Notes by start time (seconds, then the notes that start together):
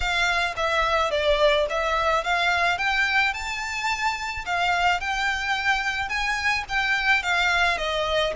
0.00 F5
0.56 E5
1.10 D5
1.69 E5
2.24 F5
2.78 G5
3.33 A5
4.45 F5
5.00 G5
6.08 G#5
6.68 G5
7.22 F5
7.77 D#5